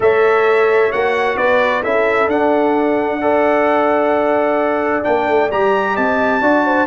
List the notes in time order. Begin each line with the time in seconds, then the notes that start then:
0.00 A3 A4 C#5 E5
0.92 A#3 F#4 F#5
1.36 B3 B4 D5
1.82 C#4 E4 A4 E5
2.26 D4 F#5
3.21 A4 D5
5.03 A#3 D4 G5
5.27 A3
5.51 G3 G4 A#5
5.93 C4 D#5 A5
6.41 D4 F#4 D5
6.65 C5